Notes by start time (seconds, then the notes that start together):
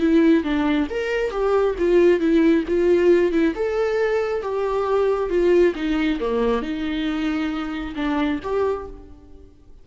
0.00 E4
0.44 D4
0.90 A#4
1.31 G4
1.79 F4
2.20 E4
2.68 F4
3.32 E4
3.55 A4
4.43 G4
5.30 F4
5.76 D#4
6.20 A#3
6.62 D#4
7.96 D4
8.43 G4